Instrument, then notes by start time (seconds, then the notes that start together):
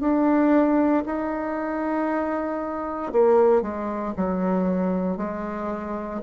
bassoon
0.00 D4
1.05 D#4
3.12 A#3
3.62 G#3
4.17 F#3
5.17 G#3